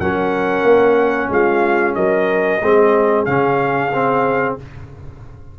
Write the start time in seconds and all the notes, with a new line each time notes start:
0.00 F#3 C#4 A#4 F#5
0.63 A#3
1.29 G#3 F4 F5
1.95 F#3 A#4 D#5
2.62 G#3 C4 G#4
3.26 C#3 C#4 F5
3.94 C4